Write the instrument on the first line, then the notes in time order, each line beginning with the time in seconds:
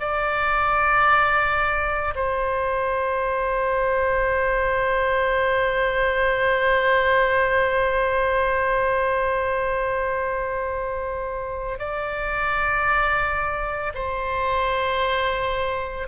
oboe
0.00 D5
2.15 C5
11.79 D5
13.94 C5